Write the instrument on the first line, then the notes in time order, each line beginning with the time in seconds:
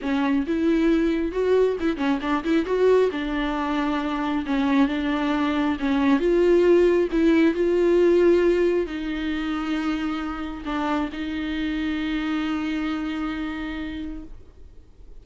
viola
0.01 C#4
0.46 E4
1.32 F#4
1.80 E4
1.97 C#4
2.21 D4
2.44 E4
2.65 F#4
3.11 D4
4.46 C#4
4.88 D4
5.79 C#4
6.19 F4
7.11 E4
7.54 F4
8.86 D#4
10.65 D4
11.12 D#4